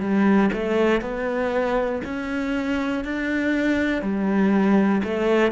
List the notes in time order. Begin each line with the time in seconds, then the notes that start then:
0.00 G3
0.52 A3
1.01 B3
2.04 C#4
3.05 D4
4.02 G3
5.03 A3